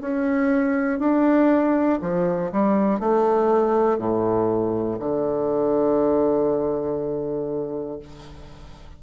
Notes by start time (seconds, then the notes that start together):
0.00 C#4
0.99 D4
2.00 F3
2.52 G3
3.00 A3
3.98 A2
4.99 D3